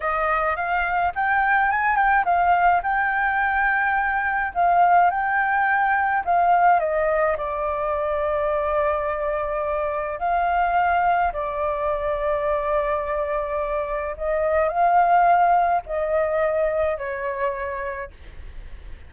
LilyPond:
\new Staff \with { instrumentName = "flute" } { \time 4/4 \tempo 4 = 106 dis''4 f''4 g''4 gis''8 g''8 | f''4 g''2. | f''4 g''2 f''4 | dis''4 d''2.~ |
d''2 f''2 | d''1~ | d''4 dis''4 f''2 | dis''2 cis''2 | }